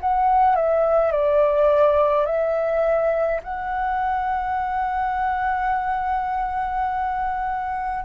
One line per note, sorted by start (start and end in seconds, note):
0.00 0.56 F#5
0.56 1.12 E5
1.12 2.26 D5
2.26 3.41 E5
3.43 8.05 F#5